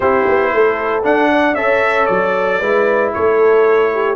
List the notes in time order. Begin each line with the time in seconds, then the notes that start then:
0.00 C4 E4 G4 C5
0.27 B3
0.53 A3 A4
1.02 D4 F#5
1.30 D5
1.54 C#4 A4 C#5 E5
2.06 F#3 D5
2.59 G#3 E4 B4
3.13 A3 A4 C#5
3.93 G4